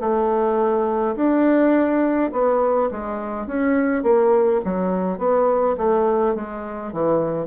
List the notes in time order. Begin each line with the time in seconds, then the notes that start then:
0.00 A3
1.15 D4
2.32 B3
2.91 G#3
3.46 C#4
4.03 A#3
4.65 F#3
5.18 B3
5.77 A3
6.35 G#3
6.92 E3